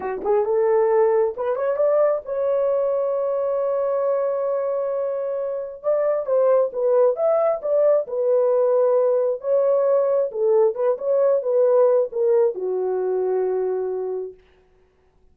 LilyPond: \new Staff \with { instrumentName = "horn" } { \time 4/4 \tempo 4 = 134 fis'8 gis'8 a'2 b'8 cis''8 | d''4 cis''2.~ | cis''1~ | cis''4 d''4 c''4 b'4 |
e''4 d''4 b'2~ | b'4 cis''2 a'4 | b'8 cis''4 b'4. ais'4 | fis'1 | }